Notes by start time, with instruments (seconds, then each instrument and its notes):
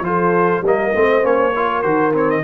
0.00 tuba F3, trombone F4, horn A4, trumpet C5
0.61 tuba G3, trombone A#3, horn A#4, trumpet D#5
0.94 tuba A3, trombone C4, horn C5
1.22 tuba A#3, trombone C#4, trumpet C#5
1.55 trombone F4, horn A#4
1.82 tuba D#3, trombone F#4, trumpet C5
2.12 trombone C4, trumpet C#5
2.30 trumpet D#5